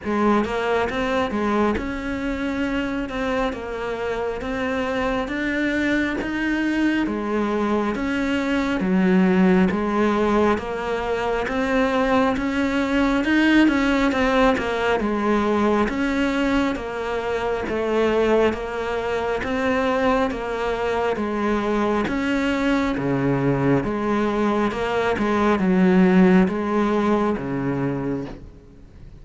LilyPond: \new Staff \with { instrumentName = "cello" } { \time 4/4 \tempo 4 = 68 gis8 ais8 c'8 gis8 cis'4. c'8 | ais4 c'4 d'4 dis'4 | gis4 cis'4 fis4 gis4 | ais4 c'4 cis'4 dis'8 cis'8 |
c'8 ais8 gis4 cis'4 ais4 | a4 ais4 c'4 ais4 | gis4 cis'4 cis4 gis4 | ais8 gis8 fis4 gis4 cis4 | }